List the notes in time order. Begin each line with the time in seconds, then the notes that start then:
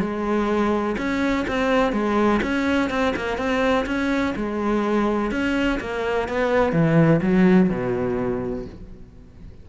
0.00 G#3
0.98 C#4
1.48 C4
1.92 G#3
2.42 C#4
2.90 C4
3.16 A#3
3.38 C4
3.86 C#4
4.36 G#3
5.31 C#4
5.80 A#3
6.28 B3
6.72 E3
7.22 F#3
7.70 B2